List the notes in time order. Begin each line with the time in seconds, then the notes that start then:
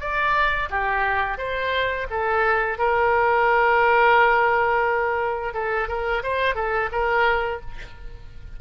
0.00 D5
0.70 G4
1.38 C5
2.10 A4
2.78 A#4
5.54 A4
5.88 A#4
6.23 C5
6.55 A4
6.92 A#4